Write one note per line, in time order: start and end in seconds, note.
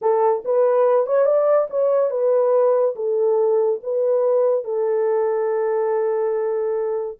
0.01 0.43 A4
0.44 1.06 B4
1.06 1.25 C#5
1.25 1.67 D5
1.70 2.10 C#5
2.10 2.94 B4
2.95 3.80 A4
3.83 4.64 B4
4.64 7.18 A4